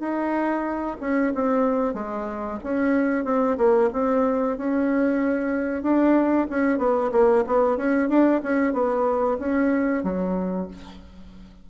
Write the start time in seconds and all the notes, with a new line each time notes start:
0.00 D#4
1.01 C#4
1.35 C4
1.94 G#3
2.64 C#4
3.25 C4
3.58 A#3
3.93 C4
4.58 C#4
5.83 D4
6.50 C#4
6.79 B3
7.12 A#3
7.47 B3
7.78 C#4
8.09 D4
8.43 C#4
8.74 B3
9.39 C#4
10.04 F#3